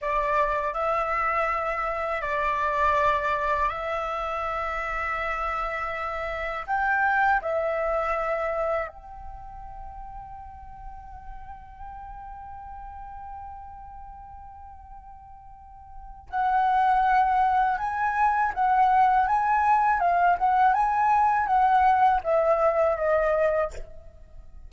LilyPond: \new Staff \with { instrumentName = "flute" } { \time 4/4 \tempo 4 = 81 d''4 e''2 d''4~ | d''4 e''2.~ | e''4 g''4 e''2 | g''1~ |
g''1~ | g''2 fis''2 | gis''4 fis''4 gis''4 f''8 fis''8 | gis''4 fis''4 e''4 dis''4 | }